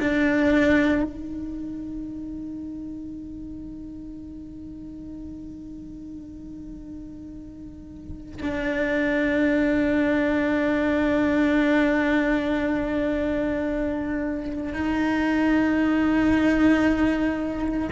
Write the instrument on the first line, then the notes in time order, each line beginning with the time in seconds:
cello
0.00 D4
1.04 D#4
8.42 D4
14.73 D#4